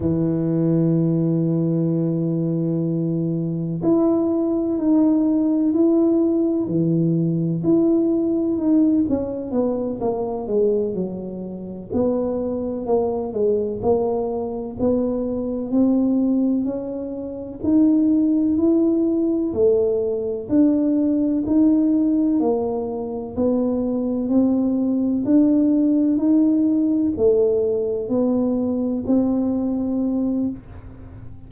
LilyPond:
\new Staff \with { instrumentName = "tuba" } { \time 4/4 \tempo 4 = 63 e1 | e'4 dis'4 e'4 e4 | e'4 dis'8 cis'8 b8 ais8 gis8 fis8~ | fis8 b4 ais8 gis8 ais4 b8~ |
b8 c'4 cis'4 dis'4 e'8~ | e'8 a4 d'4 dis'4 ais8~ | ais8 b4 c'4 d'4 dis'8~ | dis'8 a4 b4 c'4. | }